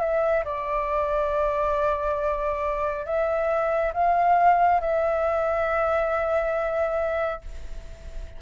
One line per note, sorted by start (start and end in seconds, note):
0.00 0.43 E5
0.44 3.05 D5
3.06 3.92 E5
3.93 4.80 F5
4.81 7.42 E5